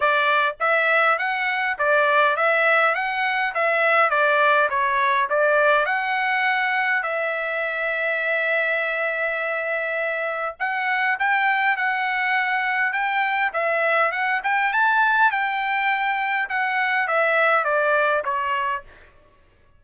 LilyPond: \new Staff \with { instrumentName = "trumpet" } { \time 4/4 \tempo 4 = 102 d''4 e''4 fis''4 d''4 | e''4 fis''4 e''4 d''4 | cis''4 d''4 fis''2 | e''1~ |
e''2 fis''4 g''4 | fis''2 g''4 e''4 | fis''8 g''8 a''4 g''2 | fis''4 e''4 d''4 cis''4 | }